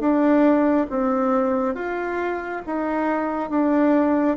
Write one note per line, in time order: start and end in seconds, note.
0.00 0.87 D4
0.90 1.75 C4
1.75 2.62 F4
2.66 3.50 D#4
3.50 4.37 D4